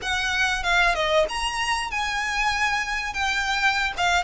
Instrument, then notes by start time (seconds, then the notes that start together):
violin
0.01 F#5
0.63 F5
0.94 D#5
1.28 A#5
1.90 G#5
3.13 G5
3.97 F5